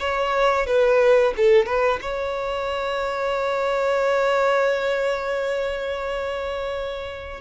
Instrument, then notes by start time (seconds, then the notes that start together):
violin
0.00 C#5
0.67 B4
1.37 A4
1.66 B4
2.02 C#5